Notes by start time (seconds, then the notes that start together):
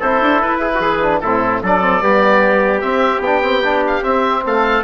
0.00 C4 E4 A4 C5
0.22 D4
0.42 E4 B4
0.61 G#4
0.75 E3 F#4
0.81 G#4
1.03 D4
1.20 A2 C4 E4 A4
1.63 F#3 D4 A4 D5
1.82 C4
2.02 G3 B3 G4
2.81 C4 E5
3.20 B3 G5
3.26 D4
3.42 C4
3.64 D4
3.87 F5
4.03 C4 E5
4.46 A3 A4 F5